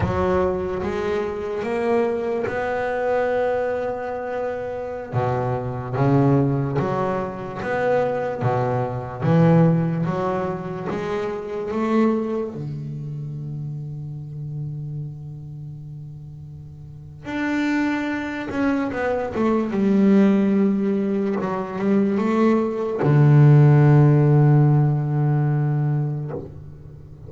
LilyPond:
\new Staff \with { instrumentName = "double bass" } { \time 4/4 \tempo 4 = 73 fis4 gis4 ais4 b4~ | b2~ b16 b,4 cis8.~ | cis16 fis4 b4 b,4 e8.~ | e16 fis4 gis4 a4 d8.~ |
d1~ | d4 d'4. cis'8 b8 a8 | g2 fis8 g8 a4 | d1 | }